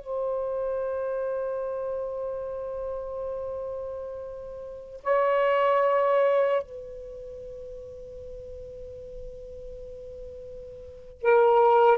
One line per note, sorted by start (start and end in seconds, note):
0.00 5.00 C5
5.03 6.62 C#5
6.62 11.22 B4
11.22 11.97 A#4